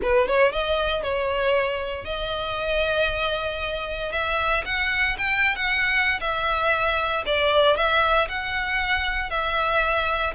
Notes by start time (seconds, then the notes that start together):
0.01 B4
0.27 C#5
0.52 D#5
1.03 C#5
2.05 D#5
4.12 E5
4.65 F#5
5.17 G5
5.55 F#5
6.20 E5
7.26 D5
7.76 E5
8.28 F#5
9.30 E5